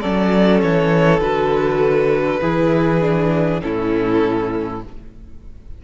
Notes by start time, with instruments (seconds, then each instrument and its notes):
0.00 cello F#3, viola C#4, violin A4 D5
0.61 cello E3, violin C#5
1.20 cello D3, viola F#4, violin B4
2.41 cello E3, viola E4, violin G#4
3.00 viola D4
3.60 cello A2, viola C#4, violin E4 A4